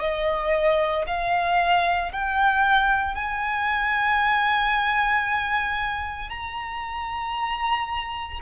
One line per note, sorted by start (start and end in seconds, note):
0.00 1.05 D#5
1.07 2.12 F5
2.12 3.15 G5
3.15 6.30 G#5
6.30 8.40 A#5